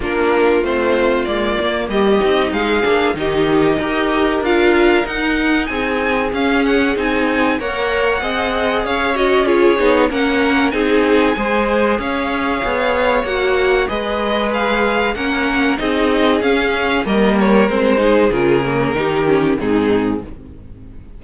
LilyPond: <<
  \new Staff \with { instrumentName = "violin" } { \time 4/4 \tempo 4 = 95 ais'4 c''4 d''4 dis''4 | f''4 dis''2 f''4 | fis''4 gis''4 f''8 fis''8 gis''4 | fis''2 f''8 dis''8 cis''4 |
fis''4 gis''2 f''4~ | f''4 fis''4 dis''4 f''4 | fis''4 dis''4 f''4 dis''8 cis''8 | c''4 ais'2 gis'4 | }
  \new Staff \with { instrumentName = "violin" } { \time 4/4 f'2. g'4 | gis'4 g'4 ais'2~ | ais'4 gis'2. | cis''4 dis''4 cis''4 gis'4 |
ais'4 gis'4 c''4 cis''4~ | cis''2 b'2 | ais'4 gis'2 ais'4~ | ais'8 gis'4. g'4 dis'4 | }
  \new Staff \with { instrumentName = "viola" } { \time 4/4 d'4 c'4 ais4. dis'8~ | dis'8 d'8 dis'4 g'4 f'4 | dis'2 cis'4 dis'4 | ais'4 gis'4. fis'8 f'8 dis'8 |
cis'4 dis'4 gis'2~ | gis'4 fis'4 gis'2 | cis'4 dis'4 cis'4 ais4 | c'8 dis'8 f'8 ais8 dis'8 cis'8 c'4 | }
  \new Staff \with { instrumentName = "cello" } { \time 4/4 ais4 a4 gis8 ais8 g8 c'8 | gis8 ais8 dis4 dis'4 d'4 | dis'4 c'4 cis'4 c'4 | ais4 c'4 cis'4. b8 |
ais4 c'4 gis4 cis'4 | b4 ais4 gis2 | ais4 c'4 cis'4 g4 | gis4 cis4 dis4 gis,4 | }
>>